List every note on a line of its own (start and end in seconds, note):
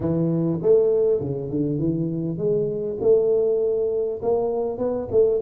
0.00 0.60 E3
0.61 1.20 A3
1.20 1.50 C#3
1.50 1.78 D3
1.78 2.37 E3
2.37 2.97 G#3
3.01 4.21 A3
4.22 4.78 A#3
4.78 5.08 B3
5.11 5.41 A3